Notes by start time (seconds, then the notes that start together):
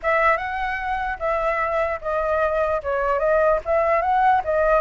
0.02 E5
0.37 F#5
1.19 E5
2.01 D#5
2.82 C#5
3.19 D#5
3.65 E5
4.01 F#5
4.44 D#5